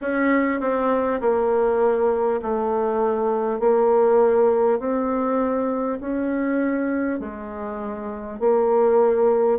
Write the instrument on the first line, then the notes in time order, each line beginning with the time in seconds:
bassoon
0.01 C#4
0.60 C4
1.21 A#3
2.42 A3
3.59 A#3
4.79 C4
6.00 C#4
7.19 G#3
8.39 A#3